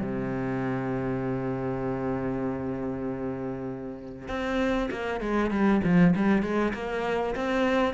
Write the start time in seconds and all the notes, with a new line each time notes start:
0.00 C3
4.28 C4
4.91 A#3
5.20 G#3
5.50 G3
5.84 F3
6.16 G3
6.42 G#3
6.74 A#3
7.35 C4